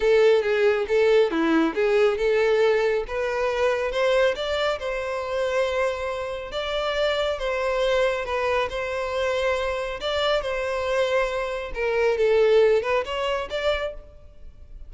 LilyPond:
\new Staff \with { instrumentName = "violin" } { \time 4/4 \tempo 4 = 138 a'4 gis'4 a'4 e'4 | gis'4 a'2 b'4~ | b'4 c''4 d''4 c''4~ | c''2. d''4~ |
d''4 c''2 b'4 | c''2. d''4 | c''2. ais'4 | a'4. b'8 cis''4 d''4 | }